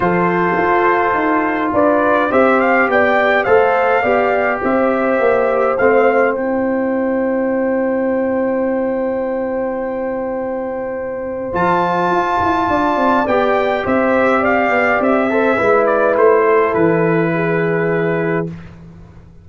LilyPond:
<<
  \new Staff \with { instrumentName = "trumpet" } { \time 4/4 \tempo 4 = 104 c''2. d''4 | e''8 f''8 g''4 f''2 | e''2 f''4 g''4~ | g''1~ |
g''1 | a''2. g''4 | e''4 f''4 e''4. d''8 | c''4 b'2. | }
  \new Staff \with { instrumentName = "horn" } { \time 4/4 a'2. b'4 | c''4 d''4 c''4 d''4 | c''1~ | c''1~ |
c''1~ | c''2 d''2 | c''4 d''4. c''8 b'4~ | b'8 a'4. gis'2 | }
  \new Staff \with { instrumentName = "trombone" } { \time 4/4 f'1 | g'2 a'4 g'4~ | g'2 c'4 e'4~ | e'1~ |
e'1 | f'2. g'4~ | g'2~ g'8 a'8 e'4~ | e'1 | }
  \new Staff \with { instrumentName = "tuba" } { \time 4/4 f4 f'4 dis'4 d'4 | c'4 b4 a4 b4 | c'4 ais4 a4 c'4~ | c'1~ |
c'1 | f4 f'8 e'8 d'8 c'8 b4 | c'4. b8 c'4 gis4 | a4 e2. | }
>>